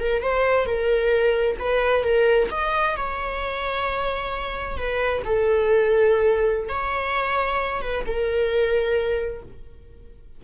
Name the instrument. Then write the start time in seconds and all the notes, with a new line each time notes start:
viola
0.00 A#4
0.23 C5
0.66 A#4
1.59 B4
2.04 A#4
2.51 D#5
2.96 C#5
4.77 B4
5.25 A4
6.69 C#5
7.82 B4
8.06 A#4